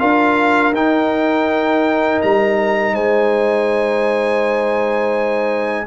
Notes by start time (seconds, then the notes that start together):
0.00 D4 F4 A#4 F5
0.73 D#4 G5
2.22 G3 A#5
2.94 G#3 C5 G#5